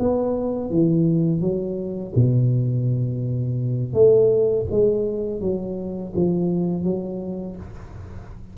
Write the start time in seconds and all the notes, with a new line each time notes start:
0.00 B3
0.71 E3
1.41 F#3
2.16 B2
3.94 A3
4.71 G#3
5.41 F#3
6.16 F3
6.84 F#3